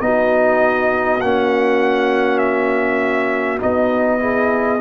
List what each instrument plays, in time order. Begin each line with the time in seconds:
0.00 tuba B3, trombone D#4, horn F#4, trumpet D#5
1.21 tuba A#3, trombone C#4, trumpet F#5
2.39 trumpet E5
3.60 tuba B3, trombone D#4, trumpet D#5
4.20 trombone E4, horn G#4